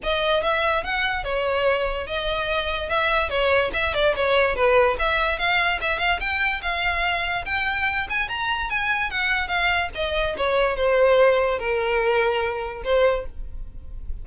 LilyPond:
\new Staff \with { instrumentName = "violin" } { \time 4/4 \tempo 4 = 145 dis''4 e''4 fis''4 cis''4~ | cis''4 dis''2 e''4 | cis''4 e''8 d''8 cis''4 b'4 | e''4 f''4 e''8 f''8 g''4 |
f''2 g''4. gis''8 | ais''4 gis''4 fis''4 f''4 | dis''4 cis''4 c''2 | ais'2. c''4 | }